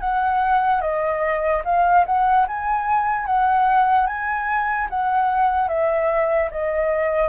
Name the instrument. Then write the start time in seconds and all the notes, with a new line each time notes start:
flute
0.00 F#5
0.81 D#5
1.64 F5
2.06 F#5
2.47 G#5
3.26 F#5
4.07 G#5
4.89 F#5
5.68 E5
6.51 D#5